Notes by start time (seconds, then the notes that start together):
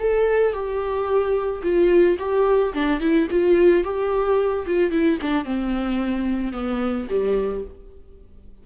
0.00 A4
0.53 G4
1.63 F4
2.19 G4
2.74 D4
3.00 E4
3.31 F4
3.84 G4
4.67 F4
4.91 E4
5.22 D4
5.45 C4
6.53 B3
7.10 G3